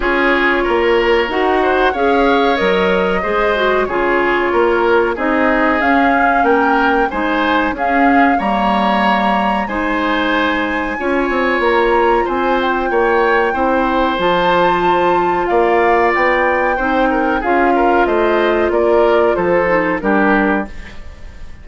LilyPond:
<<
  \new Staff \with { instrumentName = "flute" } { \time 4/4 \tempo 4 = 93 cis''2 fis''4 f''4 | dis''2 cis''2 | dis''4 f''4 g''4 gis''4 | f''4 ais''2 gis''4~ |
gis''2 ais''4 gis''8 g''8~ | g''2 a''2 | f''4 g''2 f''4 | dis''4 d''4 c''4 ais'4 | }
  \new Staff \with { instrumentName = "oboe" } { \time 4/4 gis'4 ais'4. c''8 cis''4~ | cis''4 c''4 gis'4 ais'4 | gis'2 ais'4 c''4 | gis'4 cis''2 c''4~ |
c''4 cis''2 c''4 | cis''4 c''2. | d''2 c''8 ais'8 gis'8 ais'8 | c''4 ais'4 a'4 g'4 | }
  \new Staff \with { instrumentName = "clarinet" } { \time 4/4 f'2 fis'4 gis'4 | ais'4 gis'8 fis'8 f'2 | dis'4 cis'2 dis'4 | cis'4 ais2 dis'4~ |
dis'4 f'2.~ | f'4 e'4 f'2~ | f'2 dis'4 f'4~ | f'2~ f'8 dis'8 d'4 | }
  \new Staff \with { instrumentName = "bassoon" } { \time 4/4 cis'4 ais4 dis'4 cis'4 | fis4 gis4 cis4 ais4 | c'4 cis'4 ais4 gis4 | cis'4 g2 gis4~ |
gis4 cis'8 c'8 ais4 c'4 | ais4 c'4 f2 | ais4 b4 c'4 cis'4 | a4 ais4 f4 g4 | }
>>